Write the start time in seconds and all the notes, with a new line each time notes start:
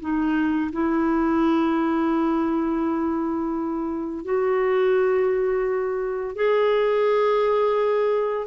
0.00 D#4
0.72 E4
4.24 F#4
6.36 G#4